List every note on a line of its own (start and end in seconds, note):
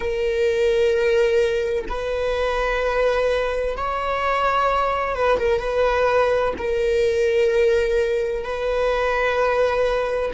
0.00 1.85 A#4
1.88 3.76 B4
3.77 5.15 C#5
5.15 5.38 B4
5.39 5.60 A#4
5.60 6.53 B4
6.58 8.43 A#4
8.43 10.31 B4